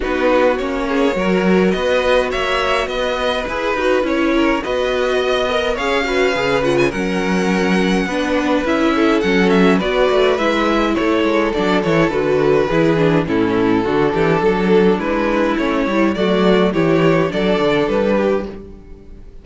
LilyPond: <<
  \new Staff \with { instrumentName = "violin" } { \time 4/4 \tempo 4 = 104 b'4 cis''2 dis''4 | e''4 dis''4 b'4 cis''4 | dis''2 f''4. fis''16 gis''16 | fis''2. e''4 |
fis''8 e''8 d''4 e''4 cis''4 | d''8 cis''8 b'2 a'4~ | a'2 b'4 cis''4 | d''4 cis''4 d''4 b'4 | }
  \new Staff \with { instrumentName = "violin" } { \time 4/4 fis'4. gis'8 ais'4 b'4 | cis''4 b'2~ b'8 ais'8 | b'4 dis''4 cis''8 b'4. | ais'2 b'4. a'8~ |
a'4 b'2 a'4~ | a'2 gis'4 e'4 | fis'8 g'8 a'4 e'2 | fis'4 g'4 a'4. g'8 | }
  \new Staff \with { instrumentName = "viola" } { \time 4/4 dis'4 cis'4 fis'2~ | fis'2 gis'8 fis'8 e'4 | fis'4. ais'8 gis'8 fis'8 gis'8 f'8 | cis'2 d'4 e'4 |
cis'4 fis'4 e'2 | d'8 e'8 fis'4 e'8 d'8 cis'4 | d'2. cis'8 e'8 | a4 e'4 d'2 | }
  \new Staff \with { instrumentName = "cello" } { \time 4/4 b4 ais4 fis4 b4 | ais4 b4 e'8 dis'8 cis'4 | b2 cis'4 cis4 | fis2 b4 cis'4 |
fis4 b8 a8 gis4 a8 gis8 | fis8 e8 d4 e4 a,4 | d8 e8 fis4 gis4 a8 g8 | fis4 e4 fis8 d8 g4 | }
>>